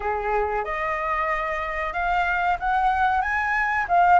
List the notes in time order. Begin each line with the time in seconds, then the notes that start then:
0.00 G#4
0.64 D#5
1.93 F5
2.59 F#5
3.21 G#5
3.88 F5